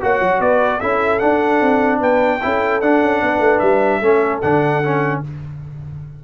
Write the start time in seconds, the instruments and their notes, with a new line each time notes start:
0.00 tuba A#3, trombone F#4, horn C#5, trumpet F#5
0.21 tuba F#3
0.40 tuba B3, horn B4, trumpet D5
0.80 tuba C#4, trombone E4, horn A4, trumpet E5
1.19 trombone D4, tuba D4, trumpet F#5
1.61 tuba C4
1.99 tuba B3, horn B4, trumpet G5
2.42 tuba C#4, trombone E4, horn A4
2.81 tuba D4, trombone D4, trumpet F#5
3.01 tuba C#4
3.22 tuba B3, horn B4
3.39 tuba A3
3.59 tuba G3, trumpet E5
4.00 tuba A3, trombone C#4, horn A4
4.41 tuba D3, trombone D4, trumpet F#5
4.84 trombone C#4